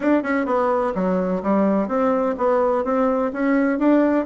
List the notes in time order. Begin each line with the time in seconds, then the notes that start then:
0.00 D4
0.23 C#4
0.45 B3
0.94 F#3
1.42 G3
1.87 C4
2.37 B3
2.84 C4
3.32 C#4
3.78 D4